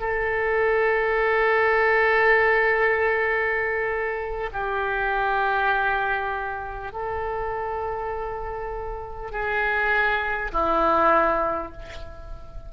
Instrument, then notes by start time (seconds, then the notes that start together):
oboe
0.00 A4
4.53 G4
6.93 A4
9.32 G#4
10.52 E4